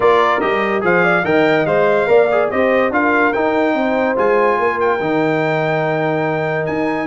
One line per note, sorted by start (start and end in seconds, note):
0.00 0.41 A#3
0.00 0.41 F4
0.00 0.83 A#4
0.00 0.40 D5
0.40 0.83 G3
0.40 0.81 G4
0.40 0.82 D#5
0.81 1.23 F3
0.81 1.22 G#4
0.81 1.03 C5
0.81 1.25 F5
1.03 1.24 D5
1.23 1.65 D#3
1.23 1.66 A#4
1.23 2.09 D#5
1.23 1.66 G5
1.65 2.07 G#3
1.65 2.07 C5
1.65 2.49 F5
2.07 2.49 A#3
2.07 2.28 A#4
2.07 2.51 D5
2.31 2.52 G#4
2.50 2.90 C4
2.50 2.92 G4
2.50 2.92 C5
2.50 2.92 D#5
2.90 3.32 D4
2.90 3.33 F4
2.90 3.73 A#4
2.90 3.32 F5
3.32 4.16 D#4
3.32 3.74 D#4
3.32 4.16 G5
3.73 4.15 C4
3.73 4.57 C5
4.16 4.58 G#3
4.16 4.99 F4
4.16 4.80 G#5
4.58 5.00 A#3
4.58 7.07 A#4
4.80 6.66 G5
5.00 6.67 D#3
5.00 7.07 D#4
6.66 7.07 D#4
6.66 7.07 G#5